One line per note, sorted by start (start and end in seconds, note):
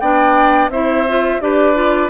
0.00 0.69 B3
0.00 0.72 D4
0.00 0.71 D5
0.00 0.70 G5
0.69 1.39 C4
0.69 1.07 E4
0.69 1.42 C5
0.69 1.41 E5
1.09 1.41 F4
1.41 2.10 D4
1.41 1.75 G4
1.41 2.10 B4
1.41 2.10 D5
1.75 2.10 F4